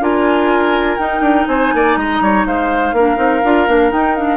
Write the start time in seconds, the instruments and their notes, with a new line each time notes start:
0.00 bassoon D4, clarinet F4, oboe A#4, flute G#5
0.97 bassoon D#4, clarinet D#4, flute G5
1.20 bassoon D4
1.48 bassoon C4, oboe C5, flute G#5
1.74 bassoon A#3, oboe D5
1.96 bassoon G#3, oboe D#5, flute A#5
2.21 bassoon G3, oboe C#5
2.46 bassoon G#3, oboe C5, flute F5
2.92 bassoon A#3, clarinet D4, oboe A#4
3.16 bassoon C4, clarinet D#4
3.44 bassoon D4, clarinet F4
3.67 bassoon A#3, clarinet D4
3.90 clarinet D#4, bassoon D#4, flute G5
4.16 clarinet D4, flute F5